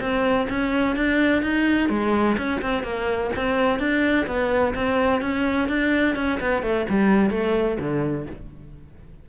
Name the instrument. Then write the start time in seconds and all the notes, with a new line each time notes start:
cello
0.00 C4
0.49 C#4
0.96 D4
1.42 D#4
1.89 G#3
2.37 C#4
2.61 C4
2.83 A#3
3.35 C4
3.79 D4
4.26 B3
4.75 C4
5.21 C#4
5.68 D4
6.15 C#4
6.40 B3
6.62 A3
6.89 G3
7.30 A3
7.79 D3